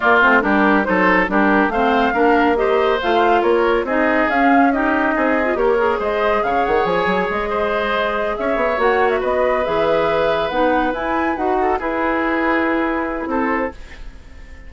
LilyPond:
<<
  \new Staff \with { instrumentName = "flute" } { \time 4/4 \tempo 4 = 140 d''8 c''8 ais'4 c''4 ais'4 | f''2 dis''4 f''4 | cis''4 dis''4 f''4 dis''4~ | dis''4 cis''4 dis''4 f''8 fis''8 |
gis''4 dis''2~ dis''8 e''8~ | e''8 fis''8. e''16 dis''4 e''4.~ | e''8 fis''4 gis''4 fis''4 b'8~ | b'2. c''4 | }
  \new Staff \with { instrumentName = "oboe" } { \time 4/4 f'4 g'4 a'4 g'4 | c''4 ais'4 c''2 | ais'4 gis'2 g'4 | gis'4 ais'4 c''4 cis''4~ |
cis''4. c''2 cis''8~ | cis''4. b'2~ b'8~ | b'2. a'8 gis'8~ | gis'2. a'4 | }
  \new Staff \with { instrumentName = "clarinet" } { \time 4/4 ais8 c'8 d'4 dis'4 d'4 | c'4 d'4 g'4 f'4~ | f'4 dis'4 cis'4 dis'4~ | dis'8. f'16 g'8 gis'2~ gis'8~ |
gis'1~ | gis'8 fis'2 gis'4.~ | gis'8 dis'4 e'4 fis'4 e'8~ | e'1 | }
  \new Staff \with { instrumentName = "bassoon" } { \time 4/4 ais8 a8 g4 fis4 g4 | a4 ais2 a4 | ais4 c'4 cis'2 | c'4 ais4 gis4 cis8 dis8 |
f8 fis8 gis2~ gis8 cis'8 | b8 ais4 b4 e4.~ | e8 b4 e'4 dis'4 e'8~ | e'2. c'4 | }
>>